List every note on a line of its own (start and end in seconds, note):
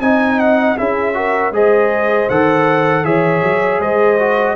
0.00 0.76 C4
0.00 0.78 D#4
0.00 0.78 D#5
0.00 0.39 G#5
0.39 0.77 F#5
0.78 1.52 C#4
0.78 1.14 E4
0.78 1.16 G#4
0.78 1.54 E5
1.14 1.52 F#4
1.14 1.54 A#4
1.52 2.28 G#3
1.52 2.29 G#4
1.52 3.05 C5
1.52 2.29 D#5
2.29 3.04 D#3
2.29 3.04 A4
2.29 3.05 F#5
3.04 3.42 E3
3.04 4.18 G#4
3.04 3.80 C#5
3.04 3.81 E5
3.43 3.79 F#3
3.79 4.55 G#3
3.79 4.56 C5
3.79 4.56 D#5
4.20 4.56 F#4